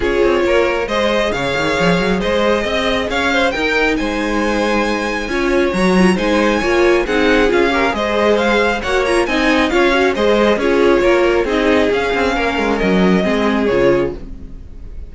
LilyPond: <<
  \new Staff \with { instrumentName = "violin" } { \time 4/4 \tempo 4 = 136 cis''2 dis''4 f''4~ | f''4 dis''2 f''4 | g''4 gis''2.~ | gis''4 ais''4 gis''2 |
fis''4 f''4 dis''4 f''4 | fis''8 ais''8 gis''4 f''4 dis''4 | cis''2 dis''4 f''4~ | f''4 dis''2 cis''4 | }
  \new Staff \with { instrumentName = "violin" } { \time 4/4 gis'4 ais'4 c''4 cis''4~ | cis''4 c''4 dis''4 cis''8 c''8 | ais'4 c''2. | cis''2 c''4 cis''4 |
gis'4. ais'8 c''2 | cis''4 dis''4 cis''4 c''4 | gis'4 ais'4 gis'2 | ais'2 gis'2 | }
  \new Staff \with { instrumentName = "viola" } { \time 4/4 f'2 gis'2~ | gis'1 | dis'1 | f'4 fis'8 f'8 dis'4 f'4 |
dis'4 f'8 g'8 gis'2 | fis'8 f'8 dis'4 f'8 fis'8 gis'4 | f'2 dis'4 cis'4~ | cis'2 c'4 f'4 | }
  \new Staff \with { instrumentName = "cello" } { \time 4/4 cis'8 c'8 ais4 gis4 cis8 dis8 | f8 fis8 gis4 c'4 cis'4 | dis'4 gis2. | cis'4 fis4 gis4 ais4 |
c'4 cis'4 gis2 | ais4 c'4 cis'4 gis4 | cis'4 ais4 c'4 cis'8 c'8 | ais8 gis8 fis4 gis4 cis4 | }
>>